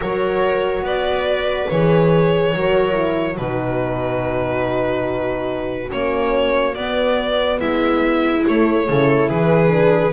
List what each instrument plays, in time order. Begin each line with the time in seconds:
0.00 double bass F#3, horn F#4, viola A#4, violin C#5
0.82 double bass B3, viola B4, violin D5
1.69 double bass E3, horn G#4, violin C#5
2.53 double bass F#3, horn F#4, viola A#4
2.92 horn E4
3.36 double bass B2, horn D#4, viola F#4, violin B4
5.89 double bass A#3, horn C#4, violin C#5
6.74 double bass B3, horn B3, violin D5
7.60 double bass G#3, viola E4, violin E5
8.44 horn A3, double bass A3, violin C#5
8.86 double bass C#3, horn E4, viola A4
9.29 double bass E3, viola G#4, violin B4
9.68 horn D4